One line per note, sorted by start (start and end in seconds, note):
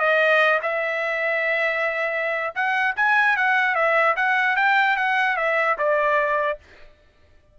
0.00 0.60 D#5
0.63 2.54 E5
2.55 2.96 F#5
2.97 3.37 G#5
3.37 3.75 F#5
3.75 4.15 E5
4.17 4.57 F#5
4.57 4.97 G5
4.97 5.37 F#5
5.37 5.77 E5
5.78 6.59 D5